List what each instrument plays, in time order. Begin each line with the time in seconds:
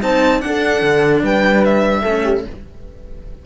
0.00 cello C4 D#4, horn C5, violin A5
0.40 cello D4, violin F#5
0.46 horn A4
0.82 cello D3
1.22 cello G3, horn B4, violin G5
1.64 violin E5
2.02 cello A3 C#4, horn A4
2.24 horn G4